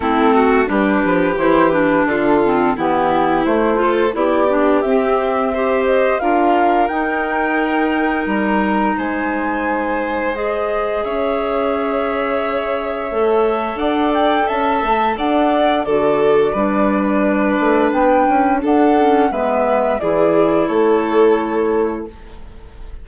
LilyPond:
<<
  \new Staff \with { instrumentName = "flute" } { \time 4/4 \tempo 4 = 87 a'4 b'4 c''8 b'8 a'4 | g'4 c''4 d''4 e''4~ | e''8 dis''8 f''4 g''2 | ais''4 gis''2 dis''4 |
e''1 | fis''8 g''8 a''4 fis''4 d''4~ | d''2 g''4 fis''4 | e''4 d''4 cis''2 | }
  \new Staff \with { instrumentName = "violin" } { \time 4/4 e'8 fis'8 g'2 f'4 | e'4. a'8 g'2 | c''4 ais'2.~ | ais'4 c''2. |
cis''1 | d''4 e''4 d''4 a'4 | b'2. a'4 | b'4 gis'4 a'2 | }
  \new Staff \with { instrumentName = "clarinet" } { \time 4/4 c'4 d'4 e'8 d'4 c'8 | b4 a8 f'8 e'8 d'8 c'4 | g'4 f'4 dis'2~ | dis'2. gis'4~ |
gis'2. a'4~ | a'2. fis'4 | d'2.~ d'8 cis'8 | b4 e'2. | }
  \new Staff \with { instrumentName = "bassoon" } { \time 4/4 a4 g8 f8 e4 d4 | e4 a4 b4 c'4~ | c'4 d'4 dis'2 | g4 gis2. |
cis'2. a4 | d'4 cis'8 a8 d'4 d4 | g4. a8 b8 cis'8 d'4 | gis4 e4 a2 | }
>>